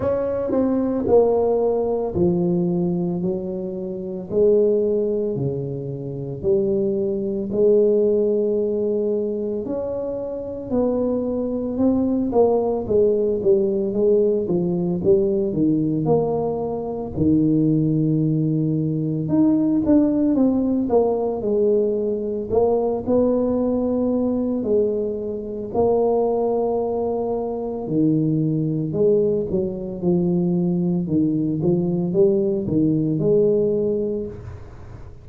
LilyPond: \new Staff \with { instrumentName = "tuba" } { \time 4/4 \tempo 4 = 56 cis'8 c'8 ais4 f4 fis4 | gis4 cis4 g4 gis4~ | gis4 cis'4 b4 c'8 ais8 | gis8 g8 gis8 f8 g8 dis8 ais4 |
dis2 dis'8 d'8 c'8 ais8 | gis4 ais8 b4. gis4 | ais2 dis4 gis8 fis8 | f4 dis8 f8 g8 dis8 gis4 | }